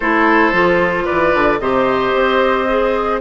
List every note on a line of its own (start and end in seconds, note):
0.00 0.52 A3
0.00 0.53 E4
0.00 1.04 A4
0.00 1.05 C5
0.52 1.06 F3
0.52 1.60 F4
1.04 1.34 E3
1.04 1.58 B4
1.04 1.59 D5
1.34 1.59 D3
1.59 2.13 C3
1.59 2.68 G4
1.59 3.20 C5
1.59 3.20 D#5
2.14 3.20 C4
2.68 3.20 G#4